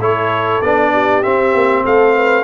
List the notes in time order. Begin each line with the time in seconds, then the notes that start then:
0.00 A3 E4 A4 C#5
0.62 B3 D4 D5
0.93 G4
1.23 C4 E5
1.54 A#3
1.84 A3 A4 F5
2.15 B4